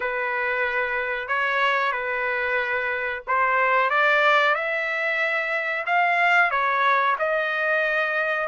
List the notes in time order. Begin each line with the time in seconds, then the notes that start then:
0.00 B4
1.27 C#5
1.92 B4
3.27 C5
3.90 D5
4.54 E5
5.86 F5
6.50 C#5
7.18 D#5